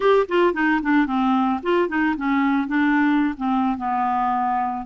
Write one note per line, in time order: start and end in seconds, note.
0.00 0.26 G4
0.28 0.53 F4
0.53 0.80 D#4
0.82 1.06 D4
1.06 1.60 C4
1.62 1.88 F4
1.88 2.15 D#4
2.16 2.67 C#4
2.67 3.35 D4
3.37 3.77 C4
3.77 4.86 B3